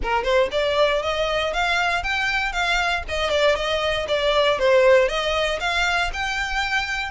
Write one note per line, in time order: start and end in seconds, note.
0.02 0.23 A#4
0.23 0.49 C5
0.51 1.02 D5
1.02 1.53 D#5
1.53 2.03 F5
2.03 2.52 G5
2.52 3.03 F5
3.08 3.30 D#5
3.30 3.55 D5
3.55 4.06 D#5
4.07 4.58 D5
4.58 5.08 C5
5.08 5.59 D#5
5.60 6.10 F5
6.13 7.10 G5